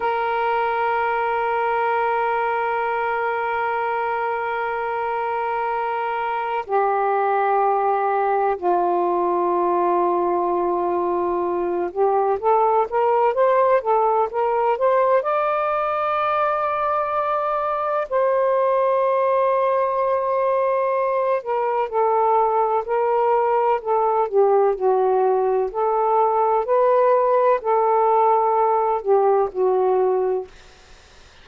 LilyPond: \new Staff \with { instrumentName = "saxophone" } { \time 4/4 \tempo 4 = 63 ais'1~ | ais'2. g'4~ | g'4 f'2.~ | f'8 g'8 a'8 ais'8 c''8 a'8 ais'8 c''8 |
d''2. c''4~ | c''2~ c''8 ais'8 a'4 | ais'4 a'8 g'8 fis'4 a'4 | b'4 a'4. g'8 fis'4 | }